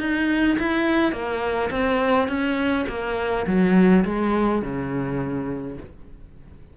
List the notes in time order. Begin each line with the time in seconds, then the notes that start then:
0.00 D#4
0.59 E4
1.13 A#3
1.71 C4
2.29 C#4
2.89 A#3
3.47 F#3
4.05 G#3
4.62 C#3